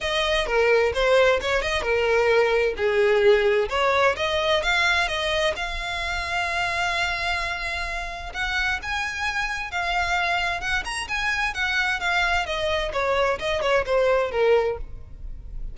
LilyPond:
\new Staff \with { instrumentName = "violin" } { \time 4/4 \tempo 4 = 130 dis''4 ais'4 c''4 cis''8 dis''8 | ais'2 gis'2 | cis''4 dis''4 f''4 dis''4 | f''1~ |
f''2 fis''4 gis''4~ | gis''4 f''2 fis''8 ais''8 | gis''4 fis''4 f''4 dis''4 | cis''4 dis''8 cis''8 c''4 ais'4 | }